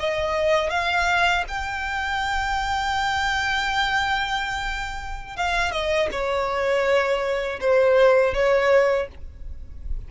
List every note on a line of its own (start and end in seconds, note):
0.00 0.70 D#5
0.70 1.44 F5
1.48 5.37 G5
5.37 5.72 F5
5.72 6.09 D#5
6.12 7.60 C#5
7.61 8.34 C5
8.34 9.08 C#5